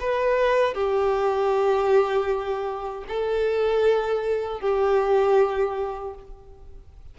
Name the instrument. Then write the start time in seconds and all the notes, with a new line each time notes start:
violin
0.00 B4
0.74 G4
3.08 A4
4.60 G4